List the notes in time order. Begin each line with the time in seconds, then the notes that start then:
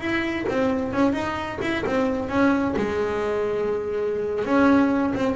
0.00 E4
0.48 C4
0.92 C#4
1.13 D#4
1.61 E4
1.86 C4
2.29 C#4
2.76 G#3
4.45 C#4
5.14 C4